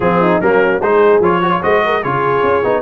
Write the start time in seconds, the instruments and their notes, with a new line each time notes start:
0.00 tuba F3, trombone C4, horn F4, trumpet G#4
0.21 horn D#4
0.40 tuba F#3, trombone A#3, horn C#4, trumpet A#4
0.79 tuba G#3, trombone D#4, horn G#4, trumpet C5
1.19 tuba F3, trombone F4, trumpet C#5
1.41 trombone F#4, horn C#5
1.50 trombone F4
1.62 tuba G#3, trombone F#4, horn C5, trumpet D#5
1.85 horn A#4
2.00 tuba C#3, trombone F4, horn G#4, trumpet C#5
2.43 tuba C#4
2.63 tuba B3, trombone D#4